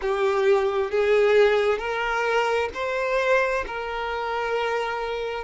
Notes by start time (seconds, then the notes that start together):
0.01 G4
0.90 G#4
1.78 A#4
2.74 C5
3.67 A#4